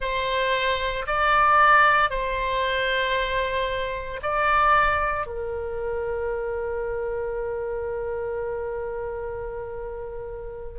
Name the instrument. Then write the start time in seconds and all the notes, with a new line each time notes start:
oboe
0.00 C5
1.06 D5
2.10 C5
4.22 D5
5.26 A#4